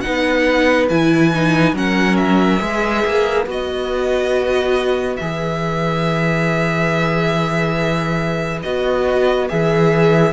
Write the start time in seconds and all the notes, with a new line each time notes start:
0.00 D#4 B4 F#5
0.06 B3
0.89 E3 E4 G#5
1.33 D#4
1.73 F#3 C#4 A#4 F#5
2.16 E5
2.59 G#3 G#4 B4
3.05 A#3
3.46 B3 F#4 D#5
5.16 E3 G#4 E5
8.62 B3 F#4 D#5
9.48 E3 G#4 E5